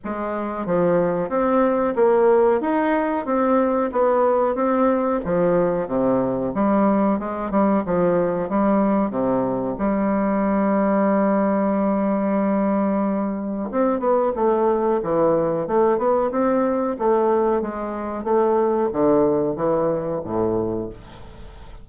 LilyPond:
\new Staff \with { instrumentName = "bassoon" } { \time 4/4 \tempo 4 = 92 gis4 f4 c'4 ais4 | dis'4 c'4 b4 c'4 | f4 c4 g4 gis8 g8 | f4 g4 c4 g4~ |
g1~ | g4 c'8 b8 a4 e4 | a8 b8 c'4 a4 gis4 | a4 d4 e4 a,4 | }